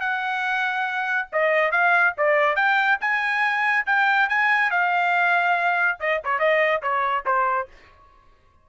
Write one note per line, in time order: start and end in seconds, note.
0.00 1.28 F#5
1.32 1.71 D#5
1.71 2.13 F5
2.17 2.55 D5
2.55 2.98 G5
3.00 3.85 G#5
3.86 4.28 G5
4.28 4.70 G#5
4.70 5.98 F5
6.00 6.21 D#5
6.24 6.39 C#5
6.39 6.81 D#5
6.82 7.24 C#5
7.25 7.68 C5